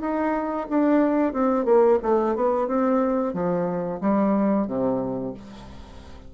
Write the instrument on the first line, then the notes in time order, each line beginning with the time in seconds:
bassoon
0.00 D#4
0.69 D4
1.32 C4
1.65 A#3
2.02 A3
2.35 B3
2.67 C4
3.33 F3
4.00 G3
4.67 C3